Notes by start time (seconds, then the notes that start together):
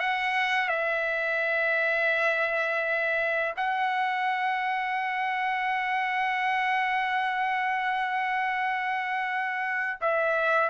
0.00 F#5
0.69 E5
3.56 F#5
10.01 E5